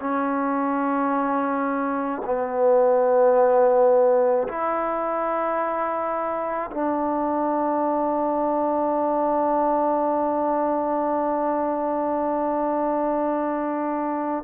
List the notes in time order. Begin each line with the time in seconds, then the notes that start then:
0.00 C#4
2.25 B3
4.48 E4
6.71 D4